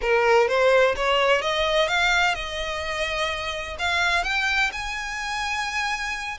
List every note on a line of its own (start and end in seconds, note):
0.01 0.47 A#4
0.47 0.95 C5
0.96 1.41 C#5
1.41 1.88 D#5
1.88 2.35 F5
2.35 3.76 D#5
3.78 4.23 F5
4.23 4.71 G5
4.72 6.37 G#5